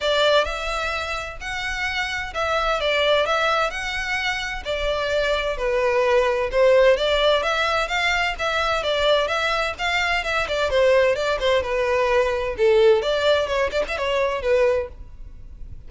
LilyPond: \new Staff \with { instrumentName = "violin" } { \time 4/4 \tempo 4 = 129 d''4 e''2 fis''4~ | fis''4 e''4 d''4 e''4 | fis''2 d''2 | b'2 c''4 d''4 |
e''4 f''4 e''4 d''4 | e''4 f''4 e''8 d''8 c''4 | d''8 c''8 b'2 a'4 | d''4 cis''8 d''16 e''16 cis''4 b'4 | }